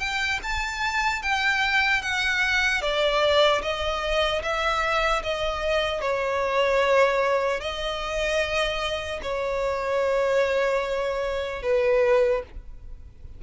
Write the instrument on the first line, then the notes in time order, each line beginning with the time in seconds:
violin
0.00 G5
0.43 A5
1.23 G5
2.02 F#5
2.81 D5
3.62 D#5
4.43 E5
5.23 D#5
6.01 C#5
7.60 D#5
9.23 C#5
11.63 B4